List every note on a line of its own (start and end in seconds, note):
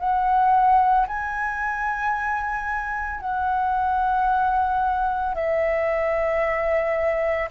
0.00 1.07 F#5
1.08 3.21 G#5
3.21 5.35 F#5
5.35 7.50 E5